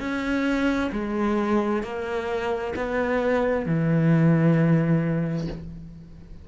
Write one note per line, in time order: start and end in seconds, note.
0.00 0.91 C#4
0.92 1.83 G#3
1.83 2.74 A#3
2.76 3.66 B3
3.66 5.48 E3